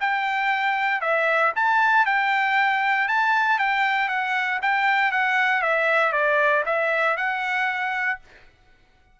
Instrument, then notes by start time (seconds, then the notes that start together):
trumpet
0.00 G5
1.01 E5
1.55 A5
2.05 G5
3.08 A5
3.58 G5
4.08 F#5
4.62 G5
5.11 F#5
5.62 E5
6.12 D5
6.65 E5
7.17 F#5